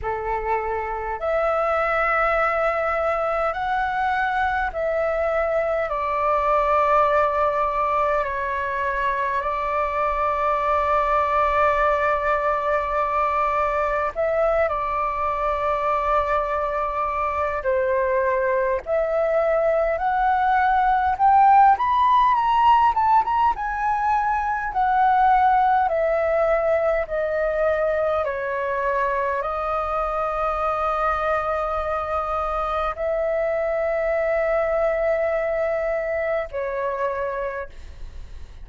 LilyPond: \new Staff \with { instrumentName = "flute" } { \time 4/4 \tempo 4 = 51 a'4 e''2 fis''4 | e''4 d''2 cis''4 | d''1 | e''8 d''2~ d''8 c''4 |
e''4 fis''4 g''8 b''8 ais''8 a''16 ais''16 | gis''4 fis''4 e''4 dis''4 | cis''4 dis''2. | e''2. cis''4 | }